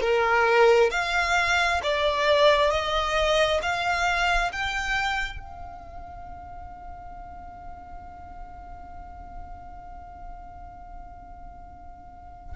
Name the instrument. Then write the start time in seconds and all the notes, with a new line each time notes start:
violin
0.00 A#4
0.91 F5
1.83 D5
2.70 D#5
3.62 F5
4.52 G5
5.39 F5